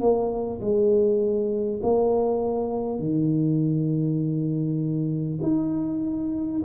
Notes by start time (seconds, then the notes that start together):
0.00 A#3
0.61 G#3
1.82 A#3
2.99 D#3
5.42 D#4